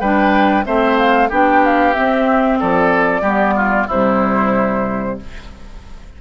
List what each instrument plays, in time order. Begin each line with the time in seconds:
0.00 bassoon G3, clarinet D4, oboe B4, flute G5
0.65 bassoon A3, clarinet C4, oboe C5, flute E5
0.98 flute F5
1.29 bassoon B3, clarinet D4, oboe G4, flute G5
1.65 flute F5
1.94 clarinet C4, bassoon C4, flute E5
2.60 bassoon F3, oboe A4, flute D5
3.21 bassoon G3, clarinet B3, oboe G4
3.56 oboe F4
3.87 bassoon C3, clarinet G3, oboe E4, flute C5